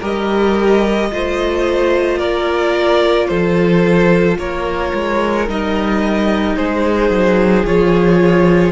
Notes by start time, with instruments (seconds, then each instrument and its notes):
0.00 cello G3, viola G4, violin A#4 D#5
1.11 cello A3, viola F4, violin C5
2.18 cello A#3, violin A#4 D5
3.28 cello F3, violin A4 C5
4.38 cello A#3, violin A#4 C#5
4.94 cello G#3
5.48 cello G3, viola D#4, violin D#5
6.56 cello G#3, violin G#4 C5
7.10 cello F#3
7.66 cello F3, viola F4, violin C#5